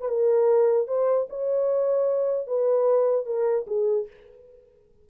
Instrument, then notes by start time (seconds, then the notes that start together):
horn
0.00 B4
0.08 A#4
0.87 C5
1.29 C#5
2.47 B4
3.25 A#4
3.67 G#4